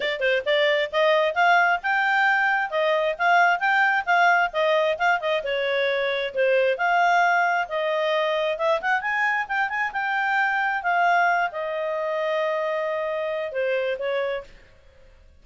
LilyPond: \new Staff \with { instrumentName = "clarinet" } { \time 4/4 \tempo 4 = 133 d''8 c''8 d''4 dis''4 f''4 | g''2 dis''4 f''4 | g''4 f''4 dis''4 f''8 dis''8 | cis''2 c''4 f''4~ |
f''4 dis''2 e''8 fis''8 | gis''4 g''8 gis''8 g''2 | f''4. dis''2~ dis''8~ | dis''2 c''4 cis''4 | }